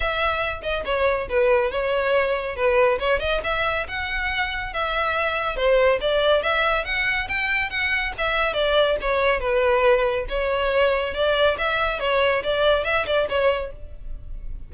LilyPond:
\new Staff \with { instrumentName = "violin" } { \time 4/4 \tempo 4 = 140 e''4. dis''8 cis''4 b'4 | cis''2 b'4 cis''8 dis''8 | e''4 fis''2 e''4~ | e''4 c''4 d''4 e''4 |
fis''4 g''4 fis''4 e''4 | d''4 cis''4 b'2 | cis''2 d''4 e''4 | cis''4 d''4 e''8 d''8 cis''4 | }